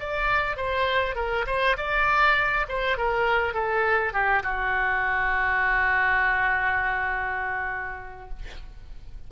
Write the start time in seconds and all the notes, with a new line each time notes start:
0.00 D5
0.56 C5
1.16 A#4
1.47 C5
1.77 D5
2.69 C5
2.97 A#4
3.54 A4
4.13 G4
4.43 F#4